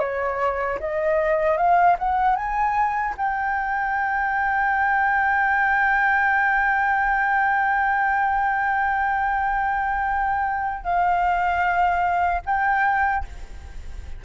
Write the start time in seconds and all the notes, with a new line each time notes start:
0.00 C#5
0.80 D#5
1.58 F5
1.99 F#5
2.36 G#5
3.18 G5
10.84 F5
12.46 G5